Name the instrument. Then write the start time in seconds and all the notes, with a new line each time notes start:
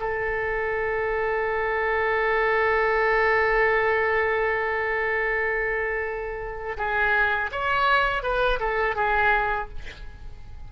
oboe
0.00 A4
6.77 G#4
7.52 C#5
8.23 B4
8.60 A4
8.96 G#4